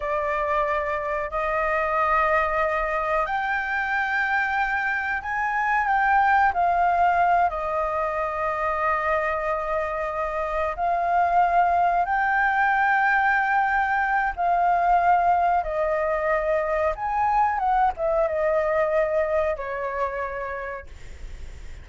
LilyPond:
\new Staff \with { instrumentName = "flute" } { \time 4/4 \tempo 4 = 92 d''2 dis''2~ | dis''4 g''2. | gis''4 g''4 f''4. dis''8~ | dis''1~ |
dis''8 f''2 g''4.~ | g''2 f''2 | dis''2 gis''4 fis''8 e''8 | dis''2 cis''2 | }